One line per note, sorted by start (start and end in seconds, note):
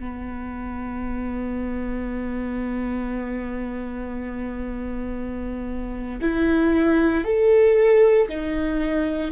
0.00 6.21 B3
6.22 7.25 E4
7.25 8.29 A4
8.29 9.32 D#4